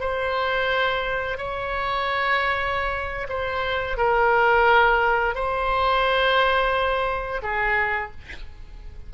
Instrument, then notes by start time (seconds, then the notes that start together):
oboe
0.00 C5
1.37 C#5
3.29 C5
3.97 A#4
5.35 C5
7.42 G#4